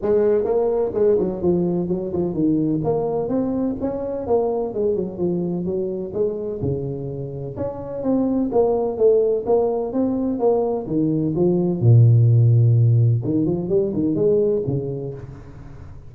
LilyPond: \new Staff \with { instrumentName = "tuba" } { \time 4/4 \tempo 4 = 127 gis4 ais4 gis8 fis8 f4 | fis8 f8 dis4 ais4 c'4 | cis'4 ais4 gis8 fis8 f4 | fis4 gis4 cis2 |
cis'4 c'4 ais4 a4 | ais4 c'4 ais4 dis4 | f4 ais,2. | dis8 f8 g8 dis8 gis4 cis4 | }